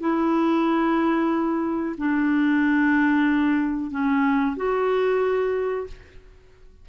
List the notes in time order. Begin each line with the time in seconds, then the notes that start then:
0.00 E4
1.97 D4
3.90 C#4
4.56 F#4